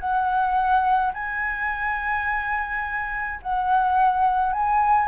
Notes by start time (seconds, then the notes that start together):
0.00 F#5
1.14 G#5
3.43 F#5
4.53 G#5